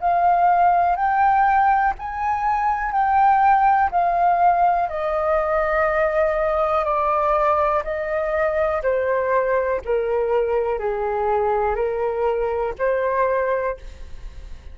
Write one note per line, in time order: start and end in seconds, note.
0.00 0.96 F5
0.96 1.94 G5
1.99 2.92 G#5
2.92 3.90 G5
3.91 4.89 F5
4.89 6.85 D#5
6.85 7.83 D5
7.84 8.82 D#5
8.83 9.81 C5
9.85 10.79 A#4
10.79 11.75 G#4
11.75 12.74 A#4
12.79 13.77 C5